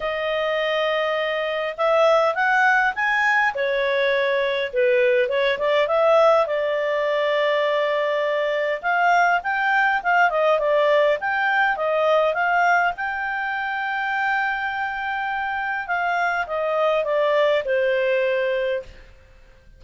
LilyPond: \new Staff \with { instrumentName = "clarinet" } { \time 4/4 \tempo 4 = 102 dis''2. e''4 | fis''4 gis''4 cis''2 | b'4 cis''8 d''8 e''4 d''4~ | d''2. f''4 |
g''4 f''8 dis''8 d''4 g''4 | dis''4 f''4 g''2~ | g''2. f''4 | dis''4 d''4 c''2 | }